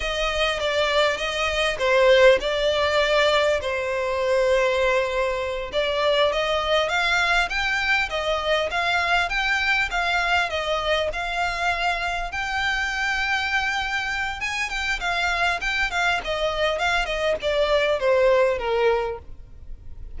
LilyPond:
\new Staff \with { instrumentName = "violin" } { \time 4/4 \tempo 4 = 100 dis''4 d''4 dis''4 c''4 | d''2 c''2~ | c''4. d''4 dis''4 f''8~ | f''8 g''4 dis''4 f''4 g''8~ |
g''8 f''4 dis''4 f''4.~ | f''8 g''2.~ g''8 | gis''8 g''8 f''4 g''8 f''8 dis''4 | f''8 dis''8 d''4 c''4 ais'4 | }